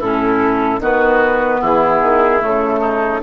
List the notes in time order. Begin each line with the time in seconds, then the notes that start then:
0.00 A2 C#4 E4 A4
0.80 D#3 B3 F#4 B4
1.61 E3 E4 G#4
2.02 D#3
2.41 C#3 A3 A4
2.81 D#4